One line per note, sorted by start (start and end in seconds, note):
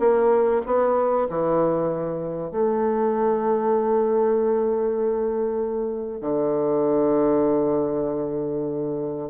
0.00 0.62 A#3
0.66 1.28 B3
1.30 2.51 E3
2.51 6.21 A3
6.21 9.30 D3